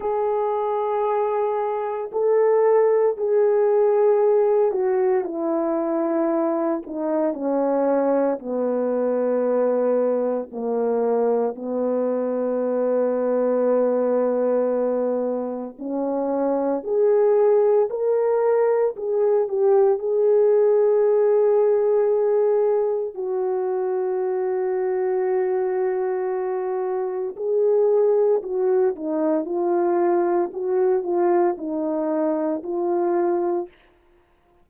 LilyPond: \new Staff \with { instrumentName = "horn" } { \time 4/4 \tempo 4 = 57 gis'2 a'4 gis'4~ | gis'8 fis'8 e'4. dis'8 cis'4 | b2 ais4 b4~ | b2. cis'4 |
gis'4 ais'4 gis'8 g'8 gis'4~ | gis'2 fis'2~ | fis'2 gis'4 fis'8 dis'8 | f'4 fis'8 f'8 dis'4 f'4 | }